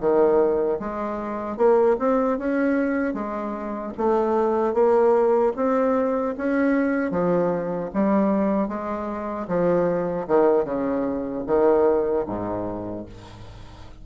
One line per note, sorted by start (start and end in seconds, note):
0.00 0.79 D#3
0.80 1.57 G#3
1.57 1.96 A#3
1.99 2.38 C4
2.38 3.14 C#4
3.14 3.93 G#3
3.97 4.74 A3
4.74 5.53 A#3
5.56 6.35 C4
6.37 7.11 C#4
7.11 7.90 F3
7.94 8.68 G3
8.68 9.47 G#3
9.48 10.27 F3
10.27 10.65 D#3
10.65 11.44 C#3
11.47 12.25 D#3
12.27 13.06 G#2